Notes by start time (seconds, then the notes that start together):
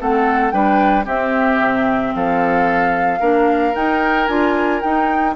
0.00 A3 C4 A4 F#5
0.51 G3 D4 B4 G5
1.04 C4 G4 E5
1.60 C3
2.15 F3 A4 F5
3.20 A#3 D4 A#4
3.74 D#4 G5
4.27 D4 F4 G#5
4.81 D#4 G5